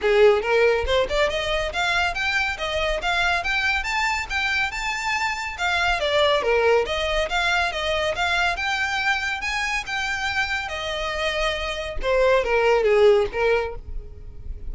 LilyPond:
\new Staff \with { instrumentName = "violin" } { \time 4/4 \tempo 4 = 140 gis'4 ais'4 c''8 d''8 dis''4 | f''4 g''4 dis''4 f''4 | g''4 a''4 g''4 a''4~ | a''4 f''4 d''4 ais'4 |
dis''4 f''4 dis''4 f''4 | g''2 gis''4 g''4~ | g''4 dis''2. | c''4 ais'4 gis'4 ais'4 | }